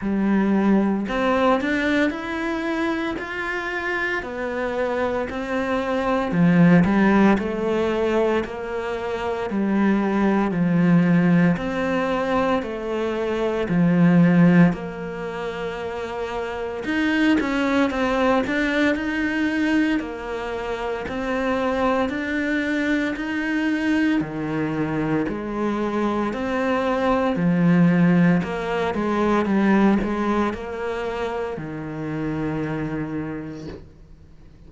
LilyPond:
\new Staff \with { instrumentName = "cello" } { \time 4/4 \tempo 4 = 57 g4 c'8 d'8 e'4 f'4 | b4 c'4 f8 g8 a4 | ais4 g4 f4 c'4 | a4 f4 ais2 |
dis'8 cis'8 c'8 d'8 dis'4 ais4 | c'4 d'4 dis'4 dis4 | gis4 c'4 f4 ais8 gis8 | g8 gis8 ais4 dis2 | }